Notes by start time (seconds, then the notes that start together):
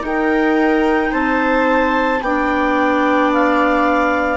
0.00 D#4 A#4
0.06 G5
1.12 C4 C5 A5
2.21 B3 D4 D5 G5
3.34 F5